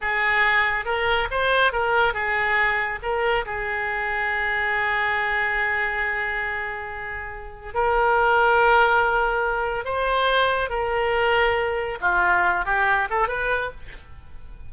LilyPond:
\new Staff \with { instrumentName = "oboe" } { \time 4/4 \tempo 4 = 140 gis'2 ais'4 c''4 | ais'4 gis'2 ais'4 | gis'1~ | gis'1~ |
gis'2 ais'2~ | ais'2. c''4~ | c''4 ais'2. | f'4. g'4 a'8 b'4 | }